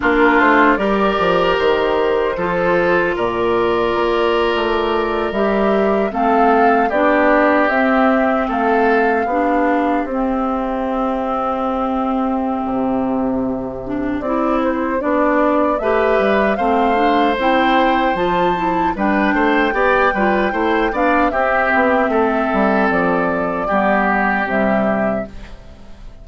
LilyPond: <<
  \new Staff \with { instrumentName = "flute" } { \time 4/4 \tempo 4 = 76 ais'8 c''8 d''4 c''2 | d''2~ d''8. e''4 f''16~ | f''8. d''4 e''4 f''4~ f''16~ | f''8. e''2.~ e''16~ |
e''2 d''8 c''8 d''4 | e''4 f''4 g''4 a''4 | g''2~ g''8 f''8 e''4~ | e''4 d''2 e''4 | }
  \new Staff \with { instrumentName = "oboe" } { \time 4/4 f'4 ais'2 a'4 | ais'2.~ ais'8. a'16~ | a'8. g'2 a'4 g'16~ | g'1~ |
g'1 | b'4 c''2. | b'8 c''8 d''8 b'8 c''8 d''8 g'4 | a'2 g'2 | }
  \new Staff \with { instrumentName = "clarinet" } { \time 4/4 d'4 g'2 f'4~ | f'2~ f'8. g'4 c'16~ | c'8. d'4 c'2 d'16~ | d'8. c'2.~ c'16~ |
c'4. d'8 e'4 d'4 | g'4 c'8 d'8 e'4 f'8 e'8 | d'4 g'8 f'8 e'8 d'8 c'4~ | c'2 b4 g4 | }
  \new Staff \with { instrumentName = "bassoon" } { \time 4/4 ais8 a8 g8 f8 dis4 f4 | ais,4 ais8. a4 g4 a16~ | a8. b4 c'4 a4 b16~ | b8. c'2.~ c'16 |
c2 c'4 b4 | a8 g8 a4 c'4 f4 | g8 a8 b8 g8 a8 b8 c'8 b8 | a8 g8 f4 g4 c4 | }
>>